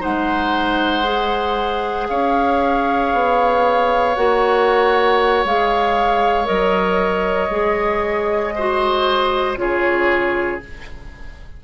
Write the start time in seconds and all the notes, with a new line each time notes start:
0.00 G#3 D#4 C5 F#5
1.04 G#4
2.09 C#4 C#5 F5
3.13 B3
4.16 A#3 F#4 F#5
5.45 G#3 G#4 F5
6.45 F#3 A#4 D#5
7.50 G#3 G#4
8.55 F#4 C5
9.57 C#3 F4 G#4 C#5